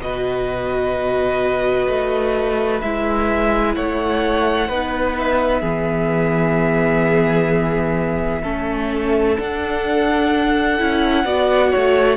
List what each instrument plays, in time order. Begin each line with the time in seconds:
0.00 cello B2, viola F#4, violin B4 D#5
1.88 cello A3
2.81 cello G#3, viola E4, violin E5
3.75 cello A3, violin C#5 F#5
4.69 cello B3, viola D#4, violin B4
5.18 violin E5
5.61 cello E3, viola B3, violin G#4
8.43 cello A3, viola C#4, violin A4
9.38 viola D4, cello D4, violin F#5
10.79 cello C#4, viola E4
11.25 cello B3, viola F#4, violin D5
11.71 cello A3, violin C#5